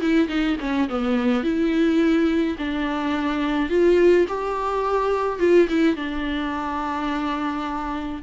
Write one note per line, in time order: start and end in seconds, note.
0.00 0.28 E4
0.28 0.56 D#4
0.60 0.88 C#4
0.89 1.43 B3
1.43 2.56 E4
2.58 3.69 D4
3.69 4.26 F4
4.28 5.39 G4
5.39 5.68 F4
5.68 5.95 E4
5.95 8.22 D4